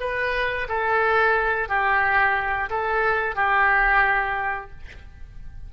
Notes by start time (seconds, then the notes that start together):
0.00 B4
0.68 A4
1.69 G4
2.70 A4
3.36 G4